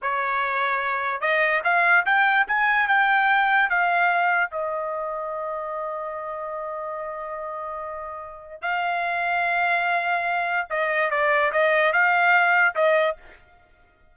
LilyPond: \new Staff \with { instrumentName = "trumpet" } { \time 4/4 \tempo 4 = 146 cis''2. dis''4 | f''4 g''4 gis''4 g''4~ | g''4 f''2 dis''4~ | dis''1~ |
dis''1~ | dis''4 f''2.~ | f''2 dis''4 d''4 | dis''4 f''2 dis''4 | }